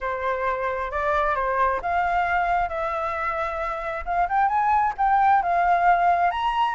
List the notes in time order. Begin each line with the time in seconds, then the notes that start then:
0.00 C5
0.91 D5
1.35 C5
1.82 F5
2.68 E5
4.05 F5
4.29 G5
4.48 G#5
4.97 G5
5.42 F5
6.31 A#5